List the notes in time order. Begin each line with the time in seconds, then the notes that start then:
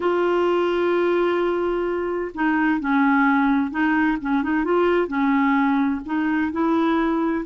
0.00 F4
2.34 D#4
2.79 C#4
3.71 D#4
4.21 C#4
4.42 D#4
4.64 F4
5.07 C#4
6.05 D#4
6.52 E4